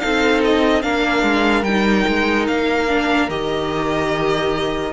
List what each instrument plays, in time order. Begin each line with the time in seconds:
0.00 cello C4, viola D#4, violin A4 F5
0.45 violin D#5
0.82 cello A#3, viola D4, violin A#4 F5
1.23 cello G#3
1.63 cello G3, viola D#4, violin G5
2.08 cello G#3
2.48 cello A#3, violin F5
2.88 viola D4
3.29 cello D#3, viola G4, violin D#5